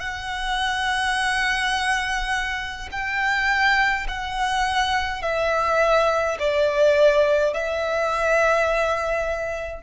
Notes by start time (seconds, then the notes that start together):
0.00 F#5
2.92 G5
4.08 F#5
5.22 E5
6.39 D5
7.53 E5